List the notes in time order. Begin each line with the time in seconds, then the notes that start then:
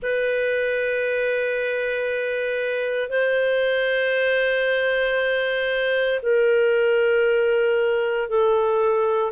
0.02 B4
3.09 C5
6.22 A#4
8.29 A4